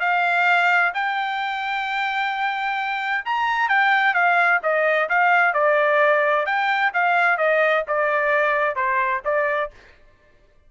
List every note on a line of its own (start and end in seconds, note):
0.00 0.92 F5
0.94 3.25 G5
3.25 3.69 A#5
3.69 4.14 G5
4.14 4.60 F5
4.63 5.09 D#5
5.09 5.54 F5
5.54 6.46 D5
6.46 6.92 G5
6.93 7.38 F5
7.38 7.84 D#5
7.88 8.75 D5
8.75 9.22 C5
9.25 9.71 D5